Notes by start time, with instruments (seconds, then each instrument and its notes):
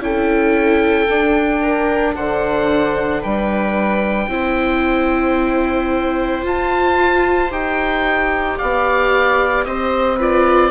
0.00 bassoon C#4, viola E4 A4, oboe G5
1.09 bassoon D4, viola D4
1.62 viola A#4
2.16 bassoon D3, viola C5, oboe F#5
3.20 bassoon G3, viola B4, oboe G5
4.28 bassoon C4, viola E4 C5
6.42 viola F4, bassoon F4, oboe A5
7.51 bassoon D#4, viola G4, oboe G5
8.58 bassoon B3, viola D5, oboe F5
9.65 bassoon C4, viola C5, oboe D#5
10.17 viola F4 B4, oboe D5